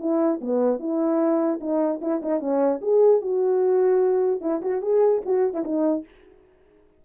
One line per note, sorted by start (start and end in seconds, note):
0.00 0.40 E4
0.41 0.80 B3
0.80 1.60 E4
1.61 2.01 D#4
2.02 2.22 E4
2.23 2.40 D#4
2.40 2.80 C#4
2.82 3.22 G#4
3.22 4.41 F#4
4.41 4.61 E4
4.62 4.82 F#4
4.82 5.22 G#4
5.26 5.54 F#4
5.54 5.64 E4
5.64 6.05 D#4